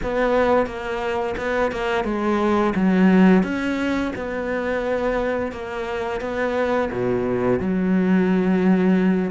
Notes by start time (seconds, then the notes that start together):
0.02 B3
0.66 A#3
1.37 B3
1.71 A#3
2.04 G#3
2.75 F#3
3.43 C#4
4.15 B3
5.52 A#3
6.20 B3
6.91 B2
7.59 F#3